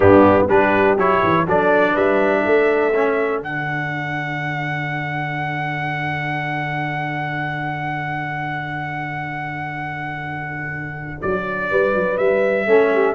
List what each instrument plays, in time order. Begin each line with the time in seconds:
0.00 tuba G2, trombone B3, horn D4, trumpet G4
0.47 tuba G3, trombone D4, horn G4, trumpet B4
0.97 tuba F#3, trombone E4, trumpet C#5
1.23 tuba E3
1.46 tuba F#3, trombone D4, horn A4, trumpet D5
1.93 tuba G3, horn B4, trumpet E5
2.42 tuba A3, horn A4
2.94 trombone C#4
3.40 tuba D3, trombone D4, trumpet F#5
11.21 tuba F#3, trumpet D5
11.70 tuba G3, horn B4
11.94 tuba F#3
12.17 tuba G3, trumpet E5
12.66 tuba A3, trombone C#4, horn A4
12.93 horn G4